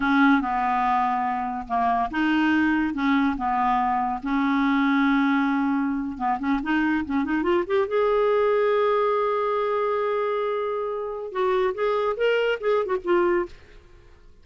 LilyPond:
\new Staff \with { instrumentName = "clarinet" } { \time 4/4 \tempo 4 = 143 cis'4 b2. | ais4 dis'2 cis'4 | b2 cis'2~ | cis'2~ cis'8. b8 cis'8 dis'16~ |
dis'8. cis'8 dis'8 f'8 g'8 gis'4~ gis'16~ | gis'1~ | gis'2. fis'4 | gis'4 ais'4 gis'8. fis'16 f'4 | }